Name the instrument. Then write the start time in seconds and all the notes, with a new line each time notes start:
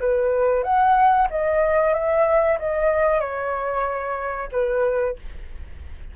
flute
0.00 B4
0.63 F#5
1.30 D#5
1.94 E5
2.59 D#5
3.20 C#5
4.52 B4